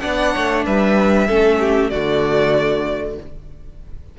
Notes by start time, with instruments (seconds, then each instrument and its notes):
0.00 cello B3, viola D4, violin D5 F#5
0.34 cello A3, violin C#5
0.66 cello G3, violin B4 E5
1.28 cello A3, viola C#4, violin A4
1.60 violin G4
1.90 cello D3, viola A3, violin F#4 D5